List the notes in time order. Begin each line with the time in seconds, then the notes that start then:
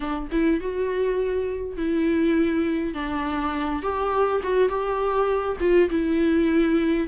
0.00 D4
0.31 E4
0.60 F#4
1.76 E4
2.94 D4
3.82 G4
4.43 F#4
4.68 G4
5.60 F4
5.90 E4